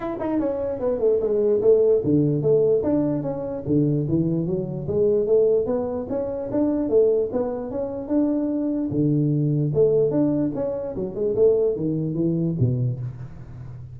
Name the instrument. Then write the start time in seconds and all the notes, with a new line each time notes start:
tuba
0.00 E4
0.19 D#4
0.39 C#4
0.79 B3
0.99 A3
1.20 G#3
1.61 A3
2.03 D3
2.42 A3
2.83 D4
3.22 C#4
3.66 D3
4.08 E3
4.46 F#3
4.87 G#3
5.26 A3
5.66 B3
6.09 C#4
6.51 D4
6.89 A3
7.32 B3
7.70 C#4
8.08 D4
8.90 D3
9.74 A3
10.10 D4
10.54 C#4
10.95 F#3
11.15 G#3
11.35 A3
11.76 D#3
12.14 E3
12.59 B2